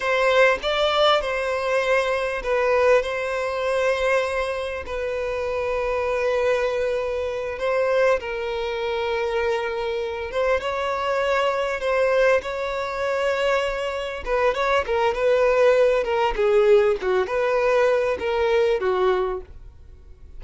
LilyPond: \new Staff \with { instrumentName = "violin" } { \time 4/4 \tempo 4 = 99 c''4 d''4 c''2 | b'4 c''2. | b'1~ | b'8 c''4 ais'2~ ais'8~ |
ais'4 c''8 cis''2 c''8~ | c''8 cis''2. b'8 | cis''8 ais'8 b'4. ais'8 gis'4 | fis'8 b'4. ais'4 fis'4 | }